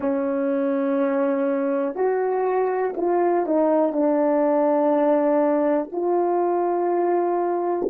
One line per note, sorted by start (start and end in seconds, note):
0.00 1.94 C#4
1.94 2.93 F#4
2.96 3.46 F4
3.46 3.92 D#4
3.92 5.89 D4
5.92 7.88 F4